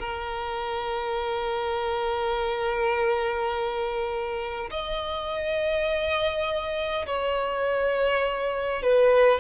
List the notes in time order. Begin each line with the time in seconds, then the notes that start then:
0.00 A#4
4.71 D#5
7.06 C#5
8.83 B4